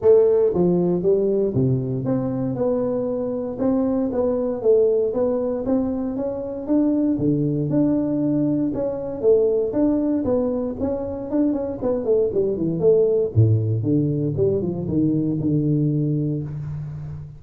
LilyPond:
\new Staff \with { instrumentName = "tuba" } { \time 4/4 \tempo 4 = 117 a4 f4 g4 c4 | c'4 b2 c'4 | b4 a4 b4 c'4 | cis'4 d'4 d4 d'4~ |
d'4 cis'4 a4 d'4 | b4 cis'4 d'8 cis'8 b8 a8 | g8 e8 a4 a,4 d4 | g8 f8 dis4 d2 | }